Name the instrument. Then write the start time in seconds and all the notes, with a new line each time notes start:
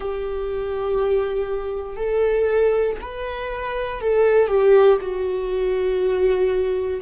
viola
0.00 G4
1.96 A4
3.01 B4
4.00 A4
4.47 G4
5.01 F#4